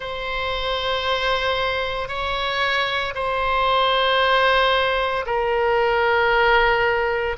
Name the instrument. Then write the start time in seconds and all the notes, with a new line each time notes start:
oboe
0.00 C5
2.08 C#5
3.14 C5
5.26 A#4